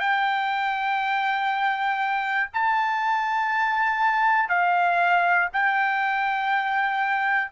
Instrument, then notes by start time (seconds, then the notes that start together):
trumpet
0.00 G5
2.54 A5
4.50 F5
5.53 G5